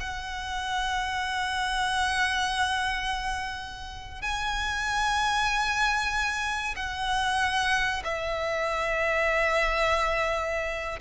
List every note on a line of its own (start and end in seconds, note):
0.00 4.21 F#5
4.21 6.75 G#5
6.76 8.02 F#5
8.04 10.99 E5